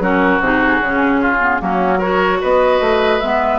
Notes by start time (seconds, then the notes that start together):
0.00 F#3 C#4 F#4 A#4
0.40 C3 D#4 G#4
0.81 C#3 C#4
1.22 F4
1.40 B3
1.60 F#3 A#3 C#4 F#4
1.99 F#4 A#4 C#5
2.41 B3 B4 D#5
2.81 A3
3.20 G#3 B3 E5